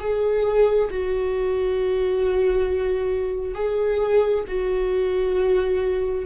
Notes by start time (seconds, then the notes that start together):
0.00 G#4
0.91 F#4
3.55 G#4
4.48 F#4